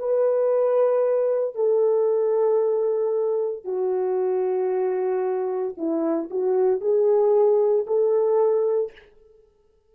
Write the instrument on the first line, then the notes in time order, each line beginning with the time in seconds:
horn
0.00 B4
1.56 A4
3.65 F#4
5.78 E4
6.31 F#4
6.81 G#4
7.87 A4